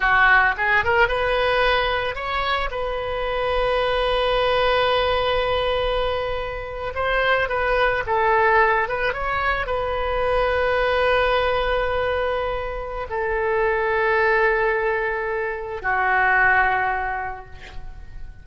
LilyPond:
\new Staff \with { instrumentName = "oboe" } { \time 4/4 \tempo 4 = 110 fis'4 gis'8 ais'8 b'2 | cis''4 b'2.~ | b'1~ | b'8. c''4 b'4 a'4~ a'16~ |
a'16 b'8 cis''4 b'2~ b'16~ | b'1 | a'1~ | a'4 fis'2. | }